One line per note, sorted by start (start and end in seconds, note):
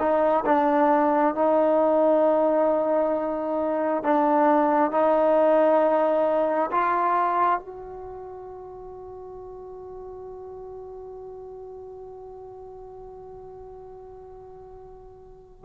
0.00 0.45 D#4
0.46 1.35 D4
1.35 4.04 D#4
4.04 4.92 D4
4.92 6.71 D#4
6.72 7.60 F4
7.60 15.65 F#4